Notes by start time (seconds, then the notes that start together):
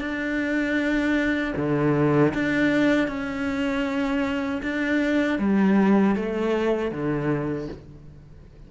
0.00 D4
1.56 D3
2.34 D4
3.07 C#4
4.62 D4
5.39 G3
6.16 A3
6.91 D3